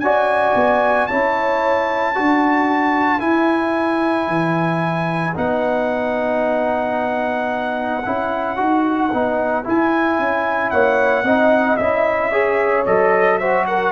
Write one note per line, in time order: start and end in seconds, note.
0.00 0.54 C#4
0.00 1.10 F#4
0.00 1.10 D5
0.00 1.07 G#5
0.55 1.09 B3
1.07 2.19 C#4
1.07 2.15 E4
1.07 2.15 C#5
1.07 3.20 A5
2.15 3.22 D4
2.15 3.20 F#4
2.15 10.72 B4
3.20 5.34 E4
3.20 4.28 E4
3.20 5.35 G#5
4.28 5.35 E3
5.35 8.05 B3
5.35 8.03 D#4
5.35 9.66 F#5
8.06 8.60 C#4
8.06 8.57 E4
8.57 9.13 D#4
8.57 9.10 F#4
9.14 9.67 B3
9.14 9.64 D#4
9.64 11.25 E4
9.64 10.19 E4
9.64 10.71 G#5
10.19 10.73 C#4
10.71 11.24 A#3
10.71 11.25 C#5
10.71 11.77 F#5
11.24 11.77 C4
11.24 11.79 D#4
11.24 12.31 D#5
11.77 12.87 C#4
11.77 12.33 E4
11.77 12.84 E5
12.31 12.86 G#4
12.31 13.38 C#5
12.86 13.93 F#3
12.86 13.40 A4
12.86 13.39 D#5
13.39 13.93 F#4
13.39 13.67 C5
13.39 13.65 E5
13.67 13.93 A#4
13.67 13.93 F#5